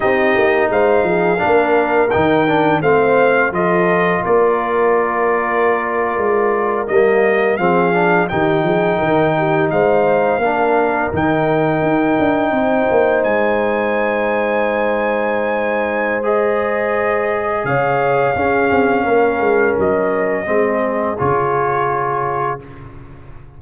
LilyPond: <<
  \new Staff \with { instrumentName = "trumpet" } { \time 4/4 \tempo 4 = 85 dis''4 f''2 g''4 | f''4 dis''4 d''2~ | d''4.~ d''16 dis''4 f''4 g''16~ | g''4.~ g''16 f''2 g''16~ |
g''2~ g''8. gis''4~ gis''16~ | gis''2. dis''4~ | dis''4 f''2. | dis''2 cis''2 | }
  \new Staff \with { instrumentName = "horn" } { \time 4/4 g'4 c''8 gis'8 ais'2 | c''4 a'4 ais'2~ | ais'2~ ais'8. gis'4 g'16~ | g'16 gis'8 ais'8 g'8 c''4 ais'4~ ais'16~ |
ais'4.~ ais'16 c''2~ c''16~ | c''1~ | c''4 cis''4 gis'4 ais'4~ | ais'4 gis'2. | }
  \new Staff \with { instrumentName = "trombone" } { \time 4/4 dis'2 d'4 dis'8 d'8 | c'4 f'2.~ | f'4.~ f'16 ais4 c'8 d'8 dis'16~ | dis'2~ dis'8. d'4 dis'16~ |
dis'1~ | dis'2. gis'4~ | gis'2 cis'2~ | cis'4 c'4 f'2 | }
  \new Staff \with { instrumentName = "tuba" } { \time 4/4 c'8 ais8 gis8 f8 ais4 dis4 | a4 f4 ais2~ | ais8. gis4 g4 f4 dis16~ | dis16 f8 dis4 gis4 ais4 dis16~ |
dis8. dis'8 d'8 c'8 ais8 gis4~ gis16~ | gis1~ | gis4 cis4 cis'8 c'8 ais8 gis8 | fis4 gis4 cis2 | }
>>